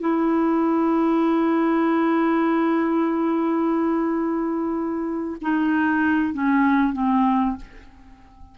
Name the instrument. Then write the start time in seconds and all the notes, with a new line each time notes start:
clarinet
0.00 E4
5.41 D#4
6.33 C#4
6.93 C4